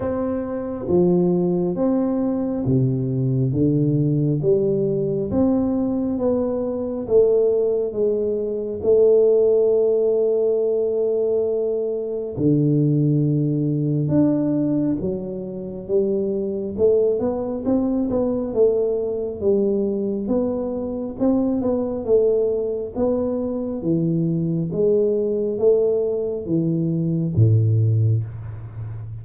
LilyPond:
\new Staff \with { instrumentName = "tuba" } { \time 4/4 \tempo 4 = 68 c'4 f4 c'4 c4 | d4 g4 c'4 b4 | a4 gis4 a2~ | a2 d2 |
d'4 fis4 g4 a8 b8 | c'8 b8 a4 g4 b4 | c'8 b8 a4 b4 e4 | gis4 a4 e4 a,4 | }